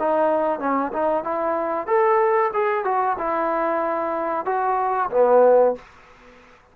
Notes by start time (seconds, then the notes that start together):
0.00 D#4
0.60 C#4
0.93 D#4
1.24 E4
1.87 A4
2.54 G#4
2.85 F#4
3.18 E4
4.45 F#4
5.11 B3